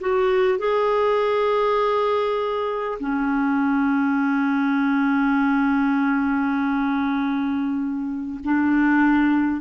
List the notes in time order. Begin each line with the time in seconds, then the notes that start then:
0.00 F#4
0.59 G#4
2.99 C#4
8.44 D4